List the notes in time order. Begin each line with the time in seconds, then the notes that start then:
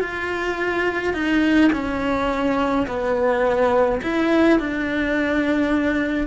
0.00 F4
1.13 D#4
1.72 C#4
2.87 B3
4.02 E4
4.59 D4